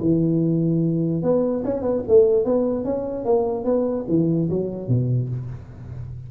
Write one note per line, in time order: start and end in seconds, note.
0.00 1.22 E3
1.22 1.63 B3
1.64 1.82 C#4
1.82 2.02 B3
2.08 2.45 A3
2.45 2.84 B3
2.84 3.25 C#4
3.25 3.64 A#3
3.64 4.05 B3
4.08 4.49 E3
4.50 4.88 F#3
4.88 5.29 B2